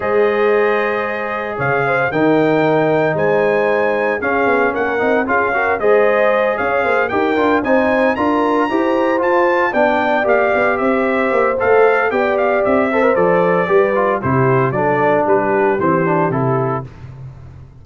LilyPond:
<<
  \new Staff \with { instrumentName = "trumpet" } { \time 4/4 \tempo 4 = 114 dis''2. f''4 | g''2 gis''2 | f''4 fis''4 f''4 dis''4~ | dis''8 f''4 g''4 gis''4 ais''8~ |
ais''4. a''4 g''4 f''8~ | f''8 e''4. f''4 g''8 f''8 | e''4 d''2 c''4 | d''4 b'4 c''4 a'4 | }
  \new Staff \with { instrumentName = "horn" } { \time 4/4 c''2. cis''8 c''8 | ais'2 c''2 | gis'4 ais'4 gis'8 ais'8 c''4~ | c''8 cis''8 c''8 ais'4 c''4 ais'8~ |
ais'8 c''2 d''4.~ | d''8 c''2~ c''8 d''4~ | d''8 c''4. b'4 g'4 | a'4 g'2. | }
  \new Staff \with { instrumentName = "trombone" } { \time 4/4 gis'1 | dis'1 | cis'4. dis'8 f'8 fis'8 gis'4~ | gis'4. g'8 f'8 dis'4 f'8~ |
f'8 g'4 f'4 d'4 g'8~ | g'2 a'4 g'4~ | g'8 a'16 ais'16 a'4 g'8 f'8 e'4 | d'2 c'8 d'8 e'4 | }
  \new Staff \with { instrumentName = "tuba" } { \time 4/4 gis2. cis4 | dis2 gis2 | cis'8 b8 ais8 c'8 cis'4 gis4~ | gis8 cis'8 ais8 dis'8 d'8 c'4 d'8~ |
d'8 e'4 f'4 b4 ais8 | b8 c'4 ais8 a4 b4 | c'4 f4 g4 c4 | fis4 g4 e4 c4 | }
>>